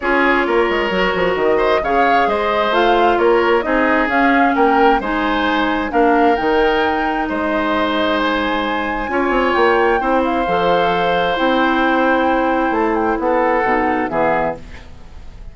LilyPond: <<
  \new Staff \with { instrumentName = "flute" } { \time 4/4 \tempo 4 = 132 cis''2. dis''4 | f''4 dis''4 f''4 cis''4 | dis''4 f''4 g''4 gis''4~ | gis''4 f''4 g''2 |
dis''2 gis''2~ | gis''4 g''4. f''4.~ | f''4 g''2. | a''8 g''8 fis''2 e''4 | }
  \new Staff \with { instrumentName = "oboe" } { \time 4/4 gis'4 ais'2~ ais'8 c''8 | cis''4 c''2 ais'4 | gis'2 ais'4 c''4~ | c''4 ais'2. |
c''1 | cis''2 c''2~ | c''1~ | c''4 a'2 gis'4 | }
  \new Staff \with { instrumentName = "clarinet" } { \time 4/4 f'2 fis'2 | gis'2 f'2 | dis'4 cis'2 dis'4~ | dis'4 d'4 dis'2~ |
dis'1 | f'2 e'4 a'4~ | a'4 e'2.~ | e'2 dis'4 b4 | }
  \new Staff \with { instrumentName = "bassoon" } { \time 4/4 cis'4 ais8 gis8 fis8 f8 dis4 | cis4 gis4 a4 ais4 | c'4 cis'4 ais4 gis4~ | gis4 ais4 dis2 |
gis1 | cis'8 c'8 ais4 c'4 f4~ | f4 c'2. | a4 b4 b,4 e4 | }
>>